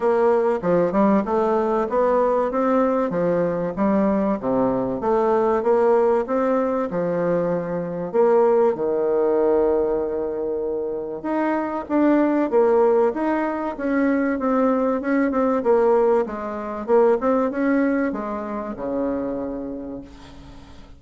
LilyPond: \new Staff \with { instrumentName = "bassoon" } { \time 4/4 \tempo 4 = 96 ais4 f8 g8 a4 b4 | c'4 f4 g4 c4 | a4 ais4 c'4 f4~ | f4 ais4 dis2~ |
dis2 dis'4 d'4 | ais4 dis'4 cis'4 c'4 | cis'8 c'8 ais4 gis4 ais8 c'8 | cis'4 gis4 cis2 | }